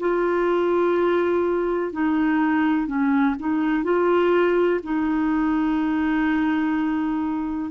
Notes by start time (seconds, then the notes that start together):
0.00 F4
1.93 D#4
2.87 C#4
3.39 D#4
3.84 F4
4.83 D#4